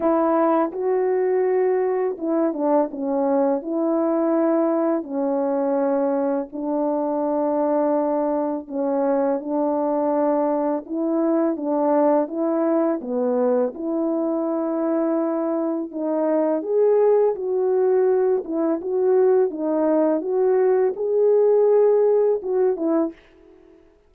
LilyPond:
\new Staff \with { instrumentName = "horn" } { \time 4/4 \tempo 4 = 83 e'4 fis'2 e'8 d'8 | cis'4 e'2 cis'4~ | cis'4 d'2. | cis'4 d'2 e'4 |
d'4 e'4 b4 e'4~ | e'2 dis'4 gis'4 | fis'4. e'8 fis'4 dis'4 | fis'4 gis'2 fis'8 e'8 | }